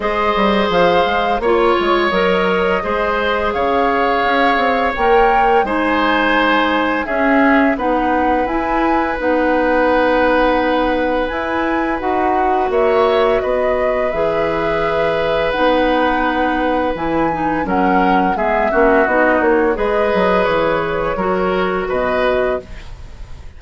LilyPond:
<<
  \new Staff \with { instrumentName = "flute" } { \time 4/4 \tempo 4 = 85 dis''4 f''4 cis''4 dis''4~ | dis''4 f''2 g''4 | gis''2 e''4 fis''4 | gis''4 fis''2. |
gis''4 fis''4 e''4 dis''4 | e''2 fis''2 | gis''4 fis''4 e''4 dis''8 cis''8 | dis''4 cis''2 dis''4 | }
  \new Staff \with { instrumentName = "oboe" } { \time 4/4 c''2 cis''2 | c''4 cis''2. | c''2 gis'4 b'4~ | b'1~ |
b'2 cis''4 b'4~ | b'1~ | b'4 ais'4 gis'8 fis'4. | b'2 ais'4 b'4 | }
  \new Staff \with { instrumentName = "clarinet" } { \time 4/4 gis'2 f'4 ais'4 | gis'2. ais'4 | dis'2 cis'4 dis'4 | e'4 dis'2. |
e'4 fis'2. | gis'2 dis'2 | e'8 dis'8 cis'4 b8 cis'8 dis'4 | gis'2 fis'2 | }
  \new Staff \with { instrumentName = "bassoon" } { \time 4/4 gis8 g8 f8 gis8 ais8 gis8 fis4 | gis4 cis4 cis'8 c'8 ais4 | gis2 cis'4 b4 | e'4 b2. |
e'4 dis'4 ais4 b4 | e2 b2 | e4 fis4 gis8 ais8 b8 ais8 | gis8 fis8 e4 fis4 b,4 | }
>>